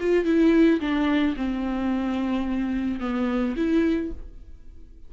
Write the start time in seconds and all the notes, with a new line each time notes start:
0.00 F4
0.25 E4
0.80 D4
1.36 C4
3.00 B3
3.57 E4